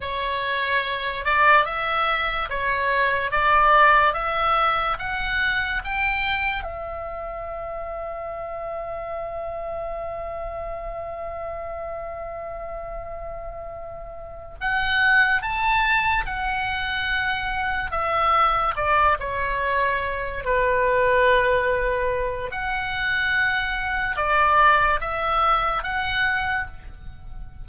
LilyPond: \new Staff \with { instrumentName = "oboe" } { \time 4/4 \tempo 4 = 72 cis''4. d''8 e''4 cis''4 | d''4 e''4 fis''4 g''4 | e''1~ | e''1~ |
e''4. fis''4 a''4 fis''8~ | fis''4. e''4 d''8 cis''4~ | cis''8 b'2~ b'8 fis''4~ | fis''4 d''4 e''4 fis''4 | }